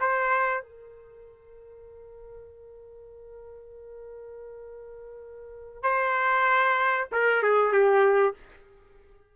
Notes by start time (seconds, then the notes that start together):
0.00 C5
0.62 A#4
5.83 C5
7.12 A#4
7.43 G#4
7.72 G4